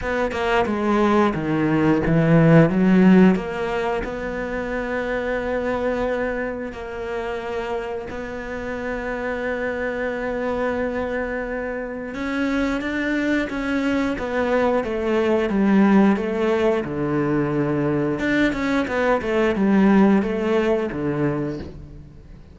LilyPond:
\new Staff \with { instrumentName = "cello" } { \time 4/4 \tempo 4 = 89 b8 ais8 gis4 dis4 e4 | fis4 ais4 b2~ | b2 ais2 | b1~ |
b2 cis'4 d'4 | cis'4 b4 a4 g4 | a4 d2 d'8 cis'8 | b8 a8 g4 a4 d4 | }